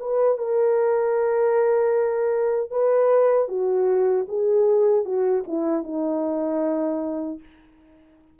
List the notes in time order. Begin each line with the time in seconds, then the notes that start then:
0.00 B4
0.38 A#4
2.71 B4
3.49 F#4
4.29 G#4
5.05 F#4
5.48 E4
5.84 D#4